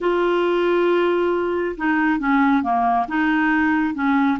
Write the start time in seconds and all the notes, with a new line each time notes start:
0.00 F4
1.77 D#4
2.19 C#4
2.62 A#3
3.08 D#4
3.94 C#4